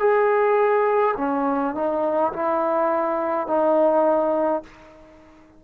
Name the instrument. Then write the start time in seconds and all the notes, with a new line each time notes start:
trombone
0.00 G#4
1.17 C#4
1.75 D#4
2.33 E4
3.48 D#4